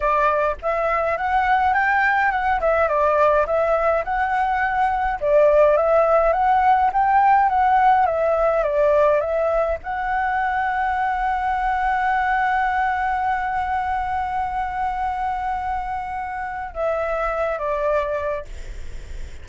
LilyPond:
\new Staff \with { instrumentName = "flute" } { \time 4/4 \tempo 4 = 104 d''4 e''4 fis''4 g''4 | fis''8 e''8 d''4 e''4 fis''4~ | fis''4 d''4 e''4 fis''4 | g''4 fis''4 e''4 d''4 |
e''4 fis''2.~ | fis''1~ | fis''1~ | fis''4 e''4. d''4. | }